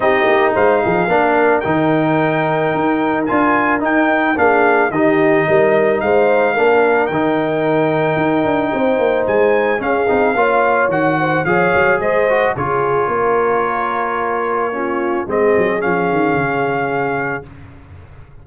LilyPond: <<
  \new Staff \with { instrumentName = "trumpet" } { \time 4/4 \tempo 4 = 110 dis''4 f''2 g''4~ | g''2 gis''4 g''4 | f''4 dis''2 f''4~ | f''4 g''2.~ |
g''4 gis''4 f''2 | fis''4 f''4 dis''4 cis''4~ | cis''1 | dis''4 f''2. | }
  \new Staff \with { instrumentName = "horn" } { \time 4/4 g'4 c''8 gis'8 ais'2~ | ais'1 | gis'4 g'4 ais'4 c''4 | ais'1 |
c''2 gis'4 cis''4~ | cis''8 c''8 cis''4 c''4 gis'4 | ais'2. f'4 | gis'1 | }
  \new Staff \with { instrumentName = "trombone" } { \time 4/4 dis'2 d'4 dis'4~ | dis'2 f'4 dis'4 | d'4 dis'2. | d'4 dis'2.~ |
dis'2 cis'8 dis'8 f'4 | fis'4 gis'4. fis'8 f'4~ | f'2. cis'4 | c'4 cis'2. | }
  \new Staff \with { instrumentName = "tuba" } { \time 4/4 c'8 ais8 gis8 f8 ais4 dis4~ | dis4 dis'4 d'4 dis'4 | ais4 dis4 g4 gis4 | ais4 dis2 dis'8 d'8 |
c'8 ais8 gis4 cis'8 c'8 ais4 | dis4 f8 fis8 gis4 cis4 | ais1 | gis8 fis8 f8 dis8 cis2 | }
>>